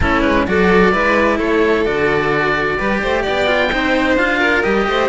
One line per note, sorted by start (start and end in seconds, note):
0.00 0.23 A3
0.00 0.47 C#4
0.00 0.48 E4
0.00 0.21 A4
0.21 0.46 G#3
0.21 0.44 B4
0.47 0.93 F#3
0.47 0.92 F#4
0.47 0.92 A4
0.47 1.38 D5
0.92 1.40 G#3
0.92 1.85 E4
0.92 1.37 B4
1.37 1.86 A3
1.37 2.77 A4
1.37 1.84 C#5
1.84 2.79 D3
1.84 2.78 F#4
1.84 3.24 D5
2.77 3.03 G3
2.77 3.46 G4
2.77 3.00 B4
3.01 3.27 A3
3.01 3.22 C5
3.22 3.73 B3
3.22 3.68 D5
3.22 4.16 G5
3.46 3.70 F4
3.72 4.16 C4
3.72 4.18 D#4
3.72 4.38 C5
4.16 4.62 D4
4.16 4.63 F4
4.16 4.63 F5
4.38 4.85 A#4
4.63 4.87 G3
4.63 5.09 G4
4.63 5.09 D#5
4.87 5.09 A3
4.87 5.09 C5